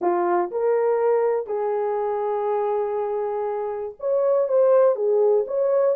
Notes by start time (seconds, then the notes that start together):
0.01 F4
0.51 A#4
1.47 G#4
3.99 C#5
4.48 C5
4.95 G#4
5.47 C#5